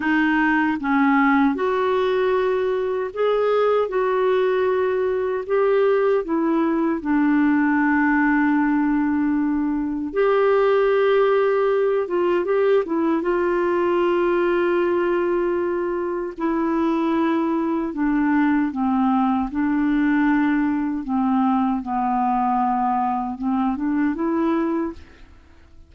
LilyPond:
\new Staff \with { instrumentName = "clarinet" } { \time 4/4 \tempo 4 = 77 dis'4 cis'4 fis'2 | gis'4 fis'2 g'4 | e'4 d'2.~ | d'4 g'2~ g'8 f'8 |
g'8 e'8 f'2.~ | f'4 e'2 d'4 | c'4 d'2 c'4 | b2 c'8 d'8 e'4 | }